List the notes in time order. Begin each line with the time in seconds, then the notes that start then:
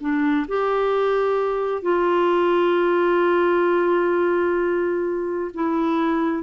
0.00 D4
0.47 G4
1.81 F4
5.53 E4